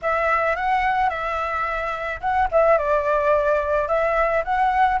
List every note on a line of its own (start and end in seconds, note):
0.02 0.56 E5
0.56 1.09 F#5
1.09 2.20 E5
2.20 2.48 F#5
2.51 2.78 E5
2.78 3.88 D5
3.88 4.43 E5
4.44 5.00 F#5